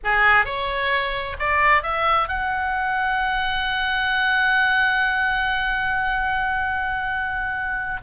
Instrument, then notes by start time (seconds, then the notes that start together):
oboe
0.03 G#4
0.45 C#5
1.39 D5
1.82 E5
2.28 F#5